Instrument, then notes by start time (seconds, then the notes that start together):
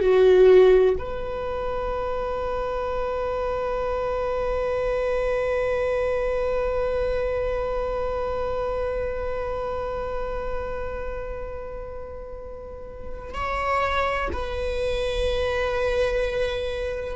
viola
0.00 F#4
0.98 B4
13.34 C#5
14.32 B4